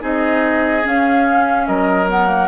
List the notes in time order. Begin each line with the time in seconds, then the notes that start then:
0.00 C4 D#4 G#4 D#5
0.83 C#4 F5
1.67 F#3 A#4 D#5
2.08 B3 F#5
2.26 A#3